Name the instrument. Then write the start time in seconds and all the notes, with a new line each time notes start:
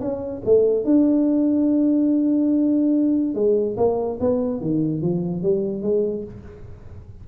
tuba
0.00 C#4
0.45 A3
0.84 D4
3.34 G#3
3.77 A#3
4.20 B3
4.60 D#3
5.02 F3
5.42 G3
5.82 G#3